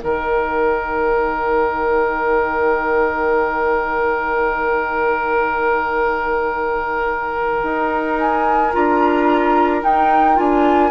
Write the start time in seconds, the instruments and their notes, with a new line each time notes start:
0.00 bassoon D#3, clarinet D#4, oboe A#4, flute G5
7.63 bassoon D#4
8.19 flute G#5
8.73 bassoon D4, clarinet F4, flute A#5
9.82 clarinet D#4, bassoon D#4, flute G5
10.36 bassoon D4, clarinet F4, flute G#5